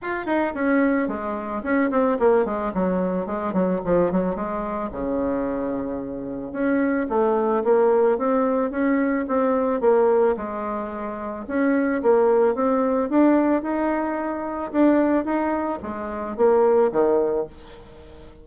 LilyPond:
\new Staff \with { instrumentName = "bassoon" } { \time 4/4 \tempo 4 = 110 f'8 dis'8 cis'4 gis4 cis'8 c'8 | ais8 gis8 fis4 gis8 fis8 f8 fis8 | gis4 cis2. | cis'4 a4 ais4 c'4 |
cis'4 c'4 ais4 gis4~ | gis4 cis'4 ais4 c'4 | d'4 dis'2 d'4 | dis'4 gis4 ais4 dis4 | }